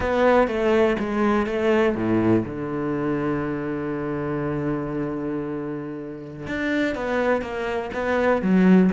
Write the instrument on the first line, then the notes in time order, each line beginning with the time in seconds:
cello
0.00 B3
0.47 A3
0.99 G#3
1.46 A3
1.95 A2
2.45 D3
6.47 D4
6.95 B3
7.41 A#3
7.93 B3
8.42 F#3